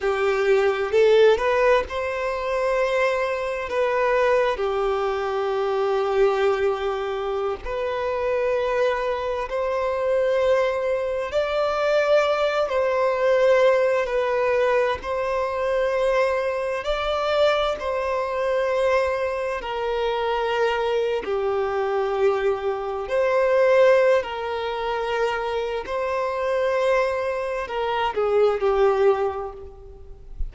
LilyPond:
\new Staff \with { instrumentName = "violin" } { \time 4/4 \tempo 4 = 65 g'4 a'8 b'8 c''2 | b'4 g'2.~ | g'16 b'2 c''4.~ c''16~ | c''16 d''4. c''4. b'8.~ |
b'16 c''2 d''4 c''8.~ | c''4~ c''16 ais'4.~ ais'16 g'4~ | g'4 c''4~ c''16 ais'4.~ ais'16 | c''2 ais'8 gis'8 g'4 | }